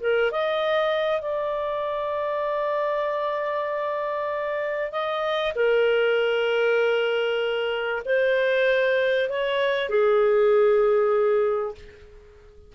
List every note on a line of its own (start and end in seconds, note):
0.00 0.31 A#4
0.31 1.21 D#5
1.21 4.91 D5
4.91 5.53 D#5
5.55 8.02 A#4
8.05 9.29 C5
9.29 9.89 C#5
9.89 11.75 G#4